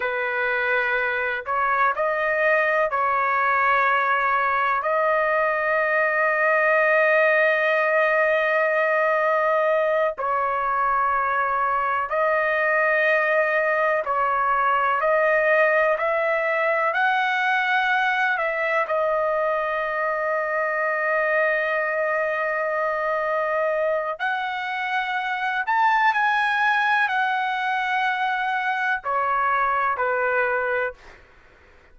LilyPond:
\new Staff \with { instrumentName = "trumpet" } { \time 4/4 \tempo 4 = 62 b'4. cis''8 dis''4 cis''4~ | cis''4 dis''2.~ | dis''2~ dis''8 cis''4.~ | cis''8 dis''2 cis''4 dis''8~ |
dis''8 e''4 fis''4. e''8 dis''8~ | dis''1~ | dis''4 fis''4. a''8 gis''4 | fis''2 cis''4 b'4 | }